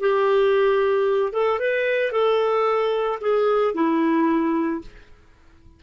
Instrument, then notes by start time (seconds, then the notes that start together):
clarinet
0.00 G4
1.32 A4
1.59 B4
2.11 A4
3.21 G#4
3.74 E4